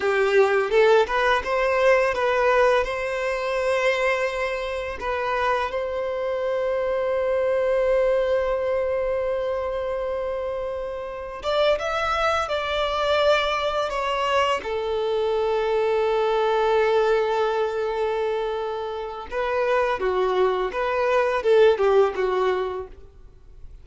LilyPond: \new Staff \with { instrumentName = "violin" } { \time 4/4 \tempo 4 = 84 g'4 a'8 b'8 c''4 b'4 | c''2. b'4 | c''1~ | c''1 |
d''8 e''4 d''2 cis''8~ | cis''8 a'2.~ a'8~ | a'2. b'4 | fis'4 b'4 a'8 g'8 fis'4 | }